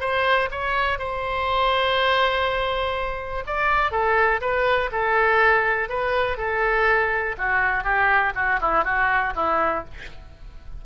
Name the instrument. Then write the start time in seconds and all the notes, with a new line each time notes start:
oboe
0.00 C5
0.51 C#5
0.98 C5
3.46 D5
3.91 A4
4.41 B4
4.92 A4
5.89 B4
6.37 A4
7.37 F#4
7.84 G4
8.35 F#4
8.60 E4
8.84 F#4
9.35 E4